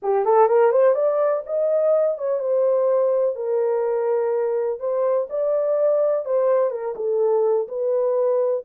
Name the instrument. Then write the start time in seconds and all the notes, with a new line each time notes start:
horn
0.02 G4
0.25 A4
0.47 A#4
0.71 C5
0.94 D5
1.46 D#5
2.18 C#5
2.39 C5
3.35 A#4
4.79 C5
5.29 D5
6.25 C5
6.70 A#4
6.95 A4
7.68 B4